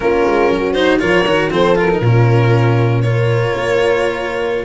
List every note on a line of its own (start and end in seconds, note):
0.00 0.25 A#3
0.00 0.74 C#4
0.00 0.52 F4
0.00 0.72 A#4
0.25 0.49 G#3
0.49 1.00 F#3
0.49 1.00 F#4
0.72 1.00 D#4
0.72 0.98 C5
0.99 1.24 F3
0.99 1.25 F4
0.99 1.51 A#4
0.99 1.50 C#5
1.24 1.49 D#3
1.24 1.50 F#4
1.50 2.00 F3
1.50 1.75 C4
1.50 2.01 A4
1.50 1.78 C5
1.75 1.88 F4
1.75 3.01 A#4
1.90 2.03 D#4
2.00 3.51 A#2
2.00 3.03 C#4
2.00 3.02 F4
3.01 4.65 F4
3.01 4.65 A#4
3.01 4.65 C#5
3.54 4.65 A#3